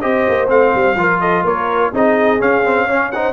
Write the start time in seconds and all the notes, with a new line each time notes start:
0.00 C4 G4 C5 D#5
0.28 A#3
0.47 A3 C4 F5
0.74 G3
0.95 F3 F4 A#4
1.20 A4 D#5
1.43 A#3 A#4 C#5
1.92 C4 D#4 G#4 D#5
2.39 C#4 F5
2.64 C4
2.86 C#4 C#5
3.11 D#4 C5 F#5